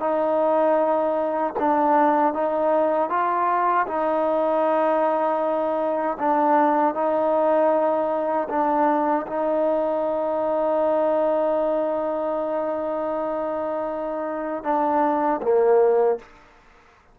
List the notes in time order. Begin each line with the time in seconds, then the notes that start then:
0.00 D#4
1.59 D4
2.34 D#4
3.10 F4
3.87 D#4
6.19 D4
6.94 D#4
8.49 D4
9.27 D#4
14.64 D4
15.42 A#3